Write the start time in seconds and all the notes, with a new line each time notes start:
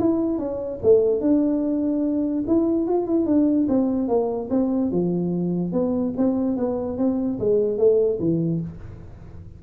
0.00 E4
0.39 C#4
0.83 A3
1.21 D4
2.48 E4
2.88 F4
3.07 E4
3.27 D4
3.69 C4
4.08 A#3
4.51 C4
4.91 F3
5.73 B3
6.18 C4
6.57 B3
6.98 C4
7.40 G#3
7.78 A3
8.20 E3